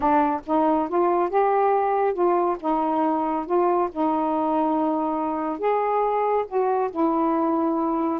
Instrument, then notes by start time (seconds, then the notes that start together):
saxophone
0.00 D4
0.46 D#4
0.88 F4
1.29 G4
2.13 F4
2.59 D#4
3.46 F4
3.91 D#4
5.58 G#4
6.47 F#4
6.90 E4